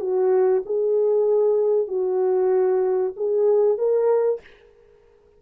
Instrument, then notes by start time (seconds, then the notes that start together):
horn
0.00 F#4
0.66 G#4
1.88 F#4
3.16 G#4
3.78 A#4